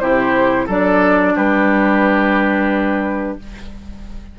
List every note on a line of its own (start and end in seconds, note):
0.00 0.68 C3
0.00 0.69 E4
0.00 0.66 G4
0.00 0.67 C5
0.66 1.36 F#3
0.66 3.39 D4
0.66 1.34 A4
0.66 1.37 D5
1.35 3.38 G3
1.35 3.37 G4
1.35 3.39 B4